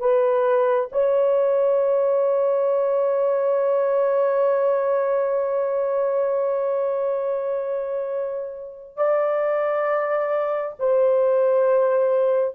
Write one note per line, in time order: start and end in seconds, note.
0.00 0.90 B4
0.92 8.97 C#5
8.97 10.76 D5
10.80 12.55 C5